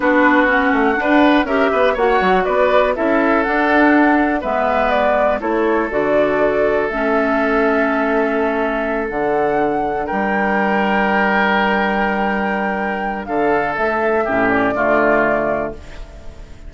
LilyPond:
<<
  \new Staff \with { instrumentName = "flute" } { \time 4/4 \tempo 4 = 122 b'4 fis''2 e''4 | fis''4 d''4 e''4 fis''4~ | fis''4 e''4 d''4 cis''4 | d''2 e''2~ |
e''2~ e''8 fis''4.~ | fis''8 g''2.~ g''8~ | g''2. f''4 | e''4. d''2~ d''8 | }
  \new Staff \with { instrumentName = "oboe" } { \time 4/4 fis'2 b'4 ais'8 b'8 | cis''4 b'4 a'2~ | a'4 b'2 a'4~ | a'1~ |
a'1~ | a'8 ais'2.~ ais'8~ | ais'2. a'4~ | a'4 g'4 f'2 | }
  \new Staff \with { instrumentName = "clarinet" } { \time 4/4 d'4 cis'4 d'4 g'4 | fis'2 e'4 d'4~ | d'4 b2 e'4 | fis'2 cis'2~ |
cis'2~ cis'8 d'4.~ | d'1~ | d'1~ | d'4 cis'4 a2 | }
  \new Staff \with { instrumentName = "bassoon" } { \time 4/4 b4. a8 d'4 cis'8 b8 | ais8 fis8 b4 cis'4 d'4~ | d'4 gis2 a4 | d2 a2~ |
a2~ a8 d4.~ | d8 g2.~ g8~ | g2. d4 | a4 a,4 d2 | }
>>